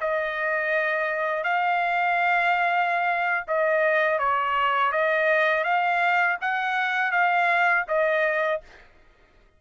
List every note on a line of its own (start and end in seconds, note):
0.00 1.44 D#5
1.44 3.45 F5
3.48 4.19 D#5
4.19 4.92 C#5
4.92 5.64 D#5
5.64 6.37 F5
6.41 7.11 F#5
7.11 7.85 F5
7.88 8.61 D#5